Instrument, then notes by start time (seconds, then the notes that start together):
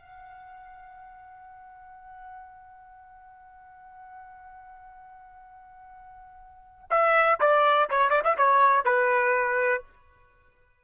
trumpet
0.00 F#5
6.91 E5
7.41 D5
7.90 C#5
8.10 D5
8.24 E5
8.38 C#5
8.85 B4